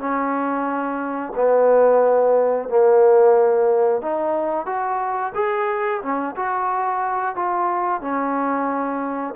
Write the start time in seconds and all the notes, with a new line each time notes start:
0.00 C#4
1.36 B3
2.69 A#3
4.02 D#4
4.66 F#4
5.35 G#4
6.02 C#4
6.36 F#4
7.36 F4
8.02 C#4